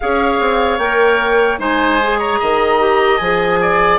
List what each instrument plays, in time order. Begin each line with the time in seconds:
0.00 bassoon C#4, clarinet G#4, oboe C#5, flute F5
0.40 bassoon C4
0.78 bassoon A#3, clarinet A#4, flute G5
1.59 bassoon G#3, clarinet D#4, oboe C5, flute G#5
2.02 clarinet G#4
2.19 oboe C#5, flute A#5
2.39 bassoon D#3, oboe D#5
2.79 clarinet G4
3.17 bassoon F3, clarinet G#4, flute G#5
3.61 oboe D5